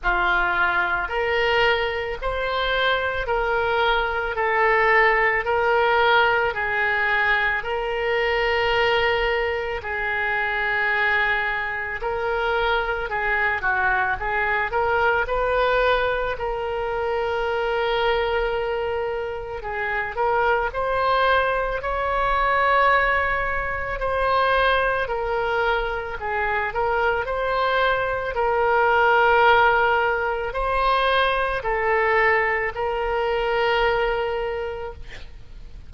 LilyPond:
\new Staff \with { instrumentName = "oboe" } { \time 4/4 \tempo 4 = 55 f'4 ais'4 c''4 ais'4 | a'4 ais'4 gis'4 ais'4~ | ais'4 gis'2 ais'4 | gis'8 fis'8 gis'8 ais'8 b'4 ais'4~ |
ais'2 gis'8 ais'8 c''4 | cis''2 c''4 ais'4 | gis'8 ais'8 c''4 ais'2 | c''4 a'4 ais'2 | }